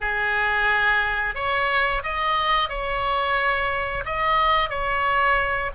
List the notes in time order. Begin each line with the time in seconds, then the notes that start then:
0.01 G#4
1.35 C#5
2.03 D#5
2.69 C#5
4.05 D#5
4.69 C#5